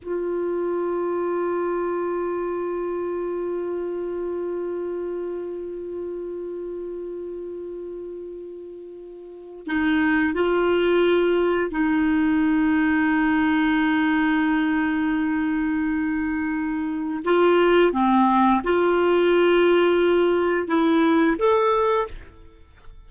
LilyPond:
\new Staff \with { instrumentName = "clarinet" } { \time 4/4 \tempo 4 = 87 f'1~ | f'1~ | f'1~ | f'2 dis'4 f'4~ |
f'4 dis'2.~ | dis'1~ | dis'4 f'4 c'4 f'4~ | f'2 e'4 a'4 | }